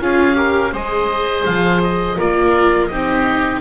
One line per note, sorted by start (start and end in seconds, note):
0.00 0.72 C#4
0.00 0.34 F4
0.00 0.36 G#4
0.00 0.74 F5
0.34 0.70 G4
0.34 0.72 A#4
0.72 1.45 G#3
0.72 2.18 G#4
0.72 2.17 C5
0.72 1.45 D#5
1.45 2.19 F3
1.45 1.81 F5
1.83 2.19 D#5
2.17 2.90 A#3
2.17 2.90 F4
2.17 2.89 A#4
2.17 2.87 D5
2.87 3.61 C4
2.87 3.61 D#4
2.87 3.61 G4
2.87 3.59 D#5